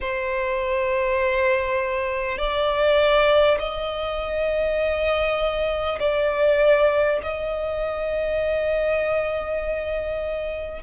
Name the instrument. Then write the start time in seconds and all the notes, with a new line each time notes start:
violin
0.01 C5
2.37 D5
3.58 D#5
5.99 D5
7.22 D#5